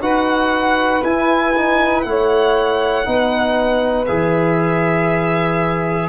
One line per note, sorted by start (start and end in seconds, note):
0.00 1.02 D#4
0.00 1.03 F#4
0.00 2.06 B4
0.00 1.04 F#5
1.04 1.54 E4
1.04 2.05 E4
1.04 2.02 G#5
1.55 2.05 D#4
2.02 3.07 A3
2.02 3.05 E4
2.02 4.05 F#5
2.08 3.06 C#5
3.05 4.09 B3
3.05 4.07 D#4
3.05 6.10 B4
4.07 6.10 E3
4.07 6.10 G#4
4.07 6.10 E5